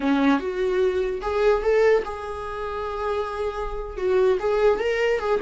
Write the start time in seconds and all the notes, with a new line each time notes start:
0.00 C#4
0.39 F#4
1.21 G#4
1.62 A4
2.04 G#4
3.97 F#4
4.39 G#4
4.79 A#4
5.19 G#4